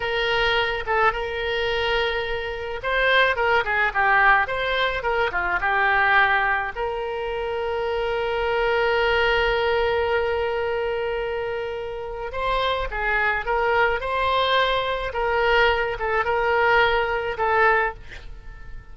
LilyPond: \new Staff \with { instrumentName = "oboe" } { \time 4/4 \tempo 4 = 107 ais'4. a'8 ais'2~ | ais'4 c''4 ais'8 gis'8 g'4 | c''4 ais'8 f'8 g'2 | ais'1~ |
ais'1~ | ais'2 c''4 gis'4 | ais'4 c''2 ais'4~ | ais'8 a'8 ais'2 a'4 | }